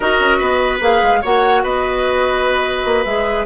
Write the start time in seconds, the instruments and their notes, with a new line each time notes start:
0.00 bassoon D#4, clarinet F#4, oboe A#4, flute D#5
0.19 bassoon C#4
0.38 bassoon B3, oboe B4
0.80 bassoon A#3, clarinet G#4, flute F5
1.02 bassoon G#3
1.21 bassoon A#3, clarinet F#4, oboe C#5, flute F#5
1.63 bassoon B3, oboe B4, flute D#5
2.84 bassoon A#3
3.04 bassoon G#3, clarinet G#4, flute E5